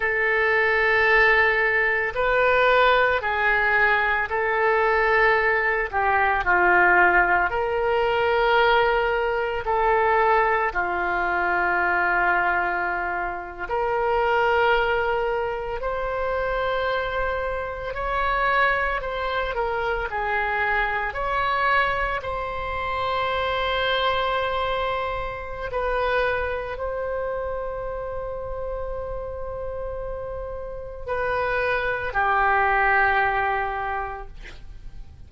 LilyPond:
\new Staff \with { instrumentName = "oboe" } { \time 4/4 \tempo 4 = 56 a'2 b'4 gis'4 | a'4. g'8 f'4 ais'4~ | ais'4 a'4 f'2~ | f'8. ais'2 c''4~ c''16~ |
c''8. cis''4 c''8 ais'8 gis'4 cis''16~ | cis''8. c''2.~ c''16 | b'4 c''2.~ | c''4 b'4 g'2 | }